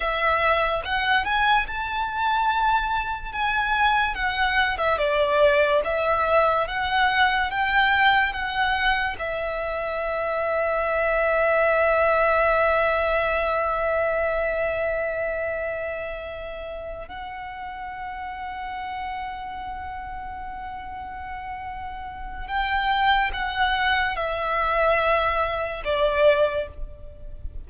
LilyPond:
\new Staff \with { instrumentName = "violin" } { \time 4/4 \tempo 4 = 72 e''4 fis''8 gis''8 a''2 | gis''4 fis''8. e''16 d''4 e''4 | fis''4 g''4 fis''4 e''4~ | e''1~ |
e''1~ | e''8 fis''2.~ fis''8~ | fis''2. g''4 | fis''4 e''2 d''4 | }